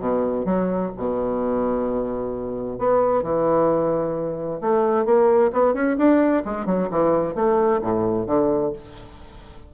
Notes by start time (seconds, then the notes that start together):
0.00 B2
0.46 F#3
0.98 B2
2.79 B3
3.23 E3
4.61 A3
5.06 A#3
5.53 B3
5.74 C#4
5.98 D4
6.46 G#3
6.66 F#3
6.91 E3
7.36 A3
7.82 A2
8.27 D3